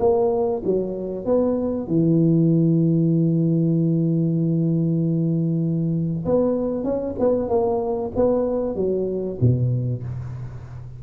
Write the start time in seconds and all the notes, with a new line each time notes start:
0.00 A#3
0.65 F#3
1.26 B3
1.88 E3
6.26 B3
6.84 C#4
7.19 B3
7.49 A#3
8.16 B3
8.76 F#3
9.41 B2